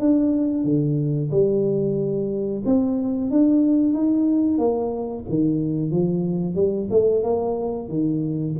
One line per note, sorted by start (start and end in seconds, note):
0.00 0.65 D4
0.65 1.31 D3
1.31 2.63 G3
2.66 3.31 C4
3.31 3.94 D4
3.94 4.59 D#4
4.59 5.24 A#3
5.29 5.91 D#3
5.91 6.55 F3
6.55 6.88 G3
6.91 7.24 A3
7.24 7.89 A#3
7.89 8.55 D#3